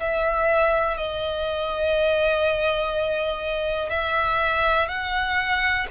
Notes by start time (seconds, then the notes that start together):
0.00 E5
0.97 D#5
3.90 E5
4.89 F#5